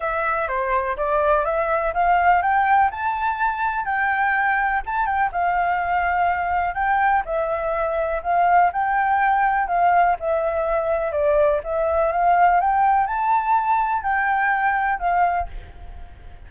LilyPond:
\new Staff \with { instrumentName = "flute" } { \time 4/4 \tempo 4 = 124 e''4 c''4 d''4 e''4 | f''4 g''4 a''2 | g''2 a''8 g''8 f''4~ | f''2 g''4 e''4~ |
e''4 f''4 g''2 | f''4 e''2 d''4 | e''4 f''4 g''4 a''4~ | a''4 g''2 f''4 | }